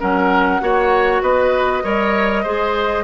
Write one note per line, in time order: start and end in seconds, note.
0.00 0.62 F#3
0.00 0.61 C#4
0.00 0.62 A#4
0.00 1.23 F#5
0.61 1.22 A#3
0.61 1.83 F#4
0.61 1.23 C#5
1.22 1.83 B3
1.22 1.84 B4
1.22 3.04 D#5
1.83 2.45 G3
1.83 2.45 A#4
1.83 2.43 C#5
2.43 3.04 G#3
2.43 3.04 G#4
2.43 3.04 C5